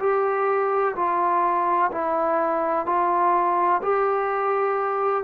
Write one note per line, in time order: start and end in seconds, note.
0.00 0.95 G4
0.96 1.91 F4
1.92 2.86 E4
2.86 3.81 F4
3.83 5.24 G4